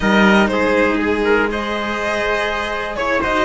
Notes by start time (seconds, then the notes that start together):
0.00 G3 D#4 A#4 D#5
0.47 G#3 G#4 C5
1.00 G#4
1.23 A#4
1.45 G#4 D#5
1.51 C5
2.96 E4 C#5
3.21 D#4 F#4 C5 D#5